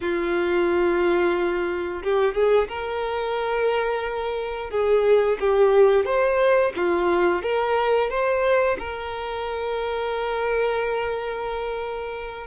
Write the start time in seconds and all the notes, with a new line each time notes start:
0.00 F4
2.03 G4
2.34 G#4
2.68 A#4
4.70 G#4
5.40 G4
6.05 C5
6.75 F4
7.42 A#4
8.09 C5
8.78 A#4